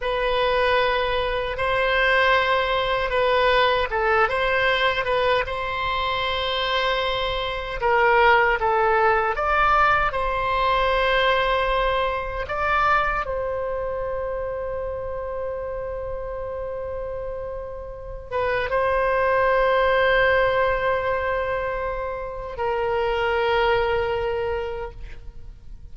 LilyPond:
\new Staff \with { instrumentName = "oboe" } { \time 4/4 \tempo 4 = 77 b'2 c''2 | b'4 a'8 c''4 b'8 c''4~ | c''2 ais'4 a'4 | d''4 c''2. |
d''4 c''2.~ | c''2.~ c''8 b'8 | c''1~ | c''4 ais'2. | }